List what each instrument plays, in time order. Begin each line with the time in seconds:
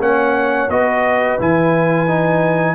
0.00 tuba A#3, trombone C#4, horn C#5, trumpet F#5
0.69 tuba B3, trombone F#4, horn B4, trumpet D#5
1.39 tuba E3, trombone E4, trumpet G#5
2.08 trombone D#4